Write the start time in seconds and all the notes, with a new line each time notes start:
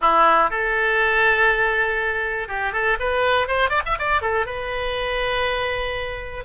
0.01 E4
0.50 A4
2.48 G4
2.73 A4
2.99 B4
3.47 C5
3.69 D5
3.85 E5
3.98 D5
4.21 A4
4.45 B4